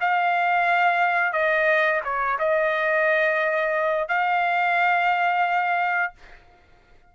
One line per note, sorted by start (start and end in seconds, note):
0.00 1.32 F5
1.32 2.01 D#5
2.04 2.38 C#5
2.38 4.08 D#5
4.08 6.13 F5